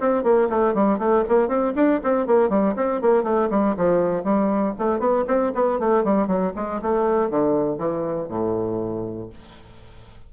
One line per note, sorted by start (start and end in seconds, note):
0.00 0.23 C4
0.23 0.48 A#3
0.50 0.74 A3
0.74 0.99 G3
0.99 1.24 A3
1.28 1.48 A#3
1.48 1.73 C4
1.75 2.01 D4
2.03 2.26 C4
2.26 2.49 A#3
2.49 2.75 G3
2.76 3.01 C4
3.01 3.23 A#3
3.23 3.49 A3
3.50 3.75 G3
3.77 4.24 F3
4.24 4.74 G3
4.78 4.99 A3
4.99 5.25 B3
5.27 5.52 C4
5.55 5.79 B3
5.79 6.04 A3
6.04 6.27 G3
6.27 6.52 F#3
6.55 6.81 G#3
6.82 7.30 A3
7.30 7.78 D3
7.78 8.28 E3
8.28 9.29 A2